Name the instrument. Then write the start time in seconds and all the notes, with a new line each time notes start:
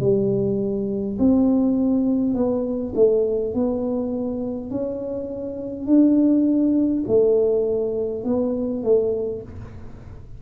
tuba
0.00 G3
1.19 C4
2.35 B3
2.95 A3
3.54 B3
4.71 C#4
5.87 D4
7.07 A3
8.24 B3
8.83 A3